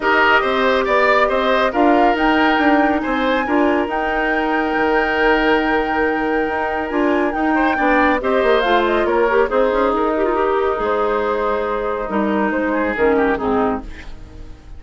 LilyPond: <<
  \new Staff \with { instrumentName = "flute" } { \time 4/4 \tempo 4 = 139 dis''2 d''4 dis''4 | f''4 g''2 gis''4~ | gis''4 g''2.~ | g''1 |
gis''4 g''2 dis''4 | f''8 dis''8 cis''4 c''4 ais'4~ | ais'4 c''2. | ais'4 c''4 ais'4 gis'4 | }
  \new Staff \with { instrumentName = "oboe" } { \time 4/4 ais'4 c''4 d''4 c''4 | ais'2. c''4 | ais'1~ | ais'1~ |
ais'4. c''8 d''4 c''4~ | c''4 ais'4 dis'2~ | dis'1~ | dis'4. gis'4 g'8 dis'4 | }
  \new Staff \with { instrumentName = "clarinet" } { \time 4/4 g'1 | f'4 dis'2. | f'4 dis'2.~ | dis'1 |
f'4 dis'4 d'4 g'4 | f'4. g'8 gis'4. g'16 f'16 | g'4 gis'2. | dis'2 cis'4 c'4 | }
  \new Staff \with { instrumentName = "bassoon" } { \time 4/4 dis'4 c'4 b4 c'4 | d'4 dis'4 d'4 c'4 | d'4 dis'2 dis4~ | dis2. dis'4 |
d'4 dis'4 b4 c'8 ais8 | a4 ais4 c'8 cis'8 dis'4~ | dis'4 gis2. | g4 gis4 dis4 gis,4 | }
>>